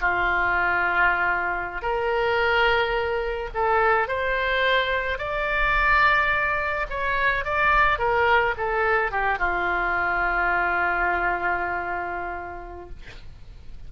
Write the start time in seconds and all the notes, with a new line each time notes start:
0.00 F4
1.81 A#4
3.54 A4
4.08 C5
5.18 D5
6.89 C#5
7.44 D5
7.98 A#4
8.57 A4
9.11 G4
9.38 F4